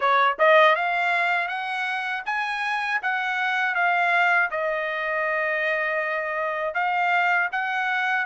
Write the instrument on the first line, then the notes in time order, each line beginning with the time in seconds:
trumpet
0.00 C#5
0.38 D#5
0.75 F5
1.48 F#5
2.25 G#5
3.02 F#5
3.74 F5
4.50 D#5
6.74 F5
7.52 F#5